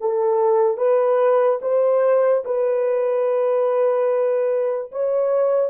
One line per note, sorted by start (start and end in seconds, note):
0.00 0.77 A4
0.77 1.59 B4
1.62 2.44 C5
2.45 4.91 B4
4.91 5.70 C#5